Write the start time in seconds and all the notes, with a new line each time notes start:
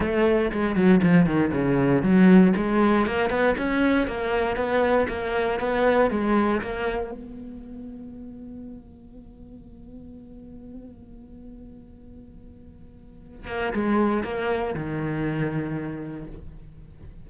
0.00 A3
0.51 G#3
0.75 F#3
1.03 F3
1.26 D#3
1.52 C#3
2.02 F#3
2.56 G#3
3.06 A#3
3.29 B3
3.57 C#4
4.07 A#3
4.56 B3
5.08 A#3
5.59 B3
6.10 G#3
6.61 A#3
7.11 B3
13.47 A#3
13.73 G#3
14.23 A#3
14.74 D#3